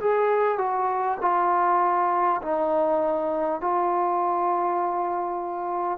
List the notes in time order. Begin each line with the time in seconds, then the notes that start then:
0.00 G#4
0.57 F#4
1.21 F4
2.42 D#4
3.61 F4